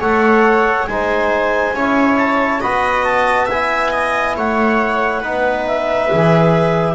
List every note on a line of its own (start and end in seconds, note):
0.00 0.88 A3
0.00 0.87 A4
0.00 0.87 C#5
0.00 0.87 F#5
0.87 1.73 G#3
0.87 1.74 D#4
0.87 1.76 C5
0.87 2.17 G#5
1.73 2.60 C#4
1.73 2.62 E4
1.73 2.61 C#5
2.17 2.60 A5
2.61 4.37 B3
2.61 3.49 F#4
2.61 3.46 D#5
2.61 3.04 B5
3.04 3.48 A5
3.46 5.23 E4
3.46 3.89 E5
3.46 4.36 G#5
3.91 4.34 D#5
4.37 5.22 A3
4.37 5.20 C#5
4.37 5.67 F#5
5.20 6.09 B3
5.20 6.10 D#4
5.20 6.94 B4
5.67 6.95 E5
6.10 6.95 E3
6.10 6.95 G#4